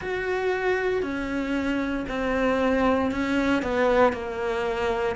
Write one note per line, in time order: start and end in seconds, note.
0.00 1.02 F#4
1.02 2.05 C#4
2.08 3.11 C4
3.11 3.62 C#4
3.62 4.12 B3
4.12 5.15 A#3